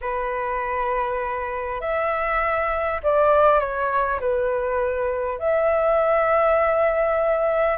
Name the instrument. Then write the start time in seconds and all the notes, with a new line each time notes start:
flute
0.01 B4
1.81 E5
3.03 D5
3.59 C#5
4.20 B4
5.38 E5